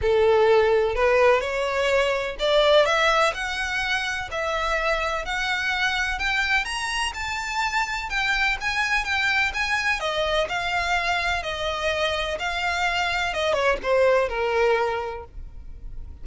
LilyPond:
\new Staff \with { instrumentName = "violin" } { \time 4/4 \tempo 4 = 126 a'2 b'4 cis''4~ | cis''4 d''4 e''4 fis''4~ | fis''4 e''2 fis''4~ | fis''4 g''4 ais''4 a''4~ |
a''4 g''4 gis''4 g''4 | gis''4 dis''4 f''2 | dis''2 f''2 | dis''8 cis''8 c''4 ais'2 | }